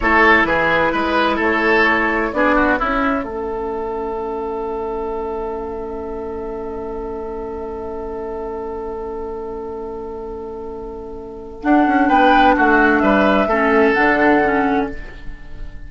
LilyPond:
<<
  \new Staff \with { instrumentName = "flute" } { \time 4/4 \tempo 4 = 129 cis''4 b'2 cis''4~ | cis''4 d''4 e''2~ | e''1~ | e''1~ |
e''1~ | e''1~ | e''4 fis''4 g''4 fis''4 | e''2 fis''2 | }
  \new Staff \with { instrumentName = "oboe" } { \time 4/4 a'4 gis'4 b'4 a'4~ | a'4 gis'8 fis'8 e'4 a'4~ | a'1~ | a'1~ |
a'1~ | a'1~ | a'2 b'4 fis'4 | b'4 a'2. | }
  \new Staff \with { instrumentName = "clarinet" } { \time 4/4 e'1~ | e'4 d'4 cis'2~ | cis'1~ | cis'1~ |
cis'1~ | cis'1~ | cis'4 d'2.~ | d'4 cis'4 d'4 cis'4 | }
  \new Staff \with { instrumentName = "bassoon" } { \time 4/4 a4 e4 gis4 a4~ | a4 b4 cis'4 a4~ | a1~ | a1~ |
a1~ | a1~ | a4 d'8 cis'8 b4 a4 | g4 a4 d2 | }
>>